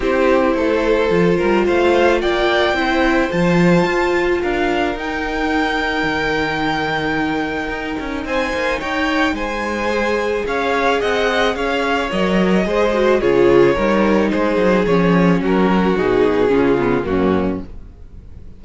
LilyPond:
<<
  \new Staff \with { instrumentName = "violin" } { \time 4/4 \tempo 4 = 109 c''2. f''4 | g''2 a''2 | f''4 g''2.~ | g''2. gis''4 |
g''4 gis''2 f''4 | fis''4 f''4 dis''2 | cis''2 c''4 cis''4 | ais'4 gis'2 fis'4 | }
  \new Staff \with { instrumentName = "violin" } { \time 4/4 g'4 a'4. ais'8 c''4 | d''4 c''2. | ais'1~ | ais'2. c''4 |
cis''4 c''2 cis''4 | dis''4 cis''2 c''4 | gis'4 ais'4 gis'2 | fis'2 f'4 cis'4 | }
  \new Staff \with { instrumentName = "viola" } { \time 4/4 e'2 f'2~ | f'4 e'4 f'2~ | f'4 dis'2.~ | dis'1~ |
dis'2 gis'2~ | gis'2 ais'4 gis'8 fis'8 | f'4 dis'2 cis'4~ | cis'4 dis'4 cis'8 b8 ais4 | }
  \new Staff \with { instrumentName = "cello" } { \time 4/4 c'4 a4 f8 g8 a4 | ais4 c'4 f4 f'4 | d'4 dis'2 dis4~ | dis2 dis'8 cis'8 c'8 ais8 |
dis'4 gis2 cis'4 | c'4 cis'4 fis4 gis4 | cis4 g4 gis8 fis8 f4 | fis4 b,4 cis4 fis,4 | }
>>